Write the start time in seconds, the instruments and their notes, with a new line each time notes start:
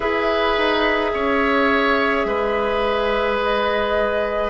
0.00 bassoon E4, clarinet G#4, oboe B4, flute E5
0.57 bassoon D#4
1.13 bassoon C#4, oboe C#5
2.24 bassoon G#3, oboe B4
3.42 flute D#5